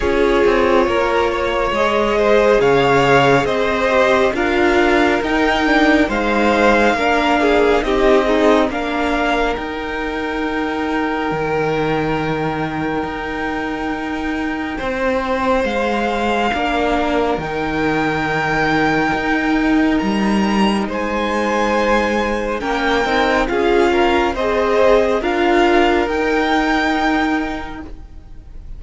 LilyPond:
<<
  \new Staff \with { instrumentName = "violin" } { \time 4/4 \tempo 4 = 69 cis''2 dis''4 f''4 | dis''4 f''4 g''4 f''4~ | f''4 dis''4 f''4 g''4~ | g''1~ |
g''2 f''2 | g''2. ais''4 | gis''2 g''4 f''4 | dis''4 f''4 g''2 | }
  \new Staff \with { instrumentName = "violin" } { \time 4/4 gis'4 ais'8 cis''4 c''8 cis''4 | c''4 ais'2 c''4 | ais'8 gis'8 g'8 dis'8 ais'2~ | ais'1~ |
ais'4 c''2 ais'4~ | ais'1 | c''2 ais'4 gis'8 ais'8 | c''4 ais'2. | }
  \new Staff \with { instrumentName = "viola" } { \time 4/4 f'2 gis'2~ | gis'8 g'8 f'4 dis'8 d'8 dis'4 | d'4 dis'8 gis'8 d'4 dis'4~ | dis'1~ |
dis'2. d'4 | dis'1~ | dis'2 cis'8 dis'8 f'4 | gis'4 f'4 dis'2 | }
  \new Staff \with { instrumentName = "cello" } { \time 4/4 cis'8 c'8 ais4 gis4 cis4 | c'4 d'4 dis'4 gis4 | ais4 c'4 ais4 dis'4~ | dis'4 dis2 dis'4~ |
dis'4 c'4 gis4 ais4 | dis2 dis'4 g4 | gis2 ais8 c'8 cis'4 | c'4 d'4 dis'2 | }
>>